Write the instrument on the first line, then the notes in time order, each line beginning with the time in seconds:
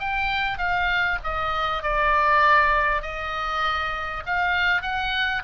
oboe
0.00 G5
0.58 F5
1.24 D#5
1.83 D5
3.02 D#5
4.26 F5
4.82 F#5